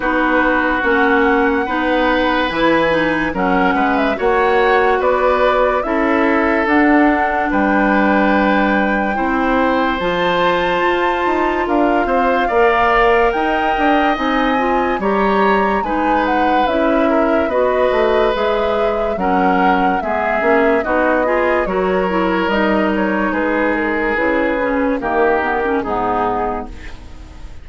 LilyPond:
<<
  \new Staff \with { instrumentName = "flute" } { \time 4/4 \tempo 4 = 72 b'4 fis''2 gis''4 | fis''8. e''16 fis''4 d''4 e''4 | fis''4 g''2. | a''2 f''2 |
g''4 gis''4 ais''4 gis''8 fis''8 | e''4 dis''4 e''4 fis''4 | e''4 dis''4 cis''4 dis''8 cis''8 | b'8 ais'8 b'4 ais'4 gis'4 | }
  \new Staff \with { instrumentName = "oboe" } { \time 4/4 fis'2 b'2 | ais'8 b'8 cis''4 b'4 a'4~ | a'4 b'2 c''4~ | c''2 ais'8 c''8 d''4 |
dis''2 cis''4 b'4~ | b'8 ais'8 b'2 ais'4 | gis'4 fis'8 gis'8 ais'2 | gis'2 g'4 dis'4 | }
  \new Staff \with { instrumentName = "clarinet" } { \time 4/4 dis'4 cis'4 dis'4 e'8 dis'8 | cis'4 fis'2 e'4 | d'2. e'4 | f'2. ais'4~ |
ais'4 dis'8 f'8 g'4 dis'4 | e'4 fis'4 gis'4 cis'4 | b8 cis'8 dis'8 f'8 fis'8 e'8 dis'4~ | dis'4 e'8 cis'8 ais8 b16 cis'16 b4 | }
  \new Staff \with { instrumentName = "bassoon" } { \time 4/4 b4 ais4 b4 e4 | fis8 gis8 ais4 b4 cis'4 | d'4 g2 c'4 | f4 f'8 dis'8 d'8 c'8 ais4 |
dis'8 d'8 c'4 g4 gis4 | cis'4 b8 a8 gis4 fis4 | gis8 ais8 b4 fis4 g4 | gis4 cis4 dis4 gis,4 | }
>>